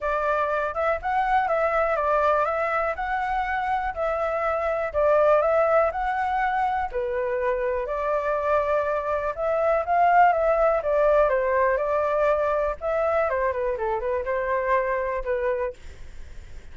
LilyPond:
\new Staff \with { instrumentName = "flute" } { \time 4/4 \tempo 4 = 122 d''4. e''8 fis''4 e''4 | d''4 e''4 fis''2 | e''2 d''4 e''4 | fis''2 b'2 |
d''2. e''4 | f''4 e''4 d''4 c''4 | d''2 e''4 c''8 b'8 | a'8 b'8 c''2 b'4 | }